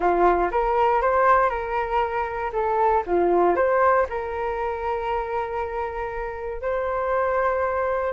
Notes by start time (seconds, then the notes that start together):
0.00 F4
0.51 A#4
1.01 C5
1.49 A#4
2.52 A4
3.06 F4
3.55 C5
4.09 A#4
6.61 C5